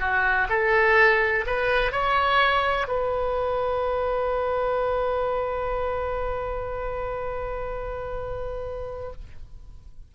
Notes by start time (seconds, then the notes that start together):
0.00 F#4
0.50 A4
1.47 B4
1.92 C#5
2.88 B4